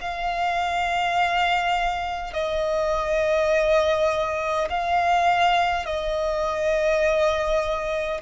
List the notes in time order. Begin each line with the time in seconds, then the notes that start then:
0.00 F5
2.33 D#5
4.69 F5
5.85 D#5